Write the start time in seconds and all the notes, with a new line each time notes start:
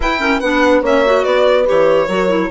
0.00 E4 B4 G5
0.19 C#4 A#4
0.40 B3 D4 B4 F#5
0.82 A#3 C#4 C#5 E5
1.04 F#4
1.23 B3 B4 D5
1.65 E3 G4 C#5
2.07 F#3 F#4 A#4
2.28 E4